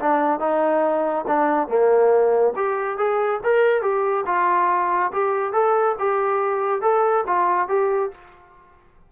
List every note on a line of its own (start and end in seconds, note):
0.00 0.40 D4
0.40 1.26 D#4
1.27 1.68 D4
1.68 2.54 A#3
2.56 2.98 G4
2.98 3.41 G#4
3.44 3.82 A#4
3.82 4.25 G4
4.26 5.12 F4
5.13 5.53 G4
5.53 5.96 A4
5.99 6.82 G4
6.82 7.25 A4
7.27 7.69 F4
7.69 8.12 G4